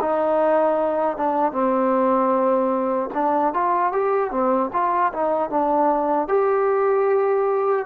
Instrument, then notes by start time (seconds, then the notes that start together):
trombone
0.00 D#4
1.17 D4
1.51 C4
3.14 D4
3.53 F4
3.92 G4
4.31 C4
4.73 F4
5.13 D#4
5.50 D4
6.28 G4